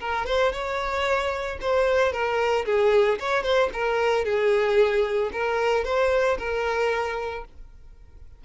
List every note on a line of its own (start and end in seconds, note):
0.00 0.26 A#4
0.26 0.52 C5
0.52 1.58 C#5
1.61 2.12 C5
2.12 2.65 A#4
2.65 3.19 G#4
3.20 3.43 C#5
3.43 3.70 C5
3.73 4.25 A#4
4.25 5.31 G#4
5.32 5.84 A#4
5.84 6.37 C5
6.38 7.45 A#4